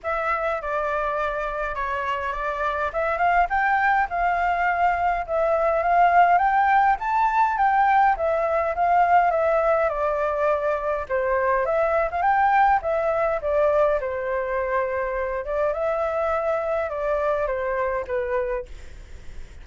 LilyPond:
\new Staff \with { instrumentName = "flute" } { \time 4/4 \tempo 4 = 103 e''4 d''2 cis''4 | d''4 e''8 f''8 g''4 f''4~ | f''4 e''4 f''4 g''4 | a''4 g''4 e''4 f''4 |
e''4 d''2 c''4 | e''8. f''16 g''4 e''4 d''4 | c''2~ c''8 d''8 e''4~ | e''4 d''4 c''4 b'4 | }